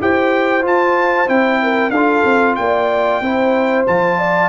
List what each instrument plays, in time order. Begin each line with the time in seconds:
0.00 tuba E4, trombone G4, horn C5, trumpet G5
0.62 trombone F4, tuba F4, trumpet A5
1.27 tuba C4, trombone E4, trumpet G5
1.63 horn A#4
1.90 tuba D4, horn A4, trumpet F5
1.97 trombone F4
2.25 tuba C4
2.56 tuba A#3, horn D5, trumpet G5
3.21 tuba C4, trombone E4, horn C5
3.87 tuba F3, trombone F4, trumpet A5
4.19 horn D5